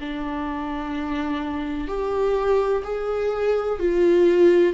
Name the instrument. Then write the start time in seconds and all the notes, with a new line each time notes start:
viola
0.00 D4
1.88 G4
2.84 G#4
3.80 F4